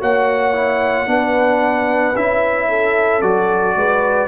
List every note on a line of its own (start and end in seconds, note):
0.00 1.07 A#3
0.00 0.53 F#4
0.00 1.07 C#5
0.00 2.16 F#5
0.53 1.06 E4
1.06 2.14 B3
1.06 2.13 D4
1.06 2.68 B4
2.15 3.22 C#4
2.15 3.22 E4
2.15 3.21 E5
2.68 3.75 A4
3.21 3.75 F#3
3.21 4.28 F#4
3.21 4.28 D5
3.75 4.28 G#3
3.75 4.28 B4